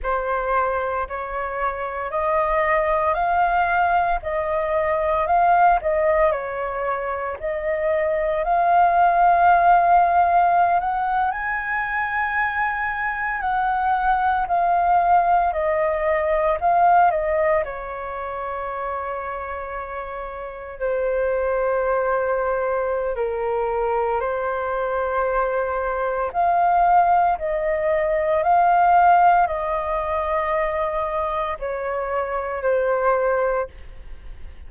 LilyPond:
\new Staff \with { instrumentName = "flute" } { \time 4/4 \tempo 4 = 57 c''4 cis''4 dis''4 f''4 | dis''4 f''8 dis''8 cis''4 dis''4 | f''2~ f''16 fis''8 gis''4~ gis''16~ | gis''8. fis''4 f''4 dis''4 f''16~ |
f''16 dis''8 cis''2. c''16~ | c''2 ais'4 c''4~ | c''4 f''4 dis''4 f''4 | dis''2 cis''4 c''4 | }